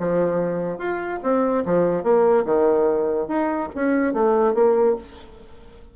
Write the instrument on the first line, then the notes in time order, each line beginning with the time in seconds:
bassoon
0.00 F3
0.79 F4
1.23 C4
1.66 F3
2.04 A#3
2.46 D#3
3.28 D#4
3.75 C#4
4.14 A3
4.55 A#3